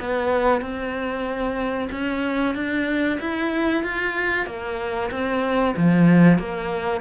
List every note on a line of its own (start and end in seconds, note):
0.00 0.62 B3
0.62 1.89 C4
1.92 2.55 C#4
2.55 3.19 D4
3.21 3.84 E4
3.84 4.47 F4
4.47 5.10 A#3
5.11 5.75 C4
5.77 6.39 F3
6.39 7.01 A#3